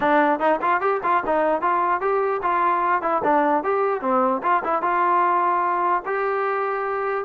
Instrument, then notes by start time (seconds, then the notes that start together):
trombone
0.00 D4
0.39 D#4
0.61 F4
0.80 G4
1.03 F4
1.25 D#4
1.61 F4
2.00 G4
2.42 F4
3.02 E4
3.23 D4
3.63 G4
4.01 C4
4.42 F4
4.64 E4
4.82 F4
6.05 G4